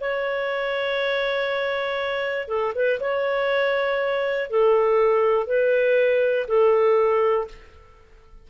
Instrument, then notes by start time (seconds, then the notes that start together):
clarinet
0.00 C#5
2.48 A4
2.74 B4
3.00 C#5
4.50 A4
5.46 B4
6.47 A4